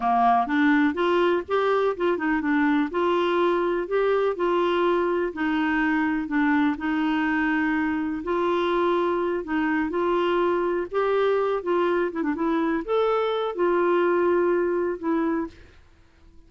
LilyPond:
\new Staff \with { instrumentName = "clarinet" } { \time 4/4 \tempo 4 = 124 ais4 d'4 f'4 g'4 | f'8 dis'8 d'4 f'2 | g'4 f'2 dis'4~ | dis'4 d'4 dis'2~ |
dis'4 f'2~ f'8 dis'8~ | dis'8 f'2 g'4. | f'4 e'16 d'16 e'4 a'4. | f'2. e'4 | }